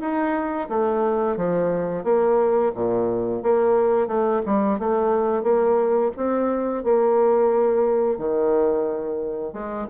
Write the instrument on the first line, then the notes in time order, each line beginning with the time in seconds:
bassoon
0.00 D#4
0.69 A3
1.37 F3
2.04 A#3
2.75 A#2
3.42 A#3
4.08 A3
4.46 G3
4.79 A3
5.43 A#3
6.17 C4
6.84 A#3
8.18 D#3
9.53 G#3